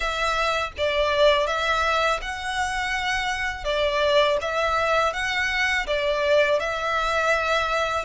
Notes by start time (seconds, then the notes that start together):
0.00 E5
0.77 D5
1.46 E5
2.22 F#5
3.64 D5
4.41 E5
5.13 F#5
5.86 D5
6.59 E5